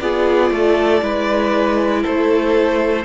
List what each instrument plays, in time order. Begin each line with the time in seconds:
0.00 cello B3, viola F4, violin G#4 D5
0.51 cello A3, violin A4
1.02 cello G#3, viola E4, violin B4
2.03 cello A3, violin A4 C5